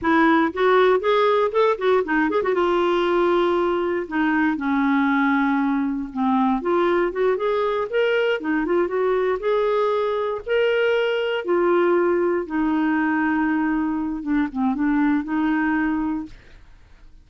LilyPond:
\new Staff \with { instrumentName = "clarinet" } { \time 4/4 \tempo 4 = 118 e'4 fis'4 gis'4 a'8 fis'8 | dis'8 gis'16 fis'16 f'2. | dis'4 cis'2. | c'4 f'4 fis'8 gis'4 ais'8~ |
ais'8 dis'8 f'8 fis'4 gis'4.~ | gis'8 ais'2 f'4.~ | f'8 dis'2.~ dis'8 | d'8 c'8 d'4 dis'2 | }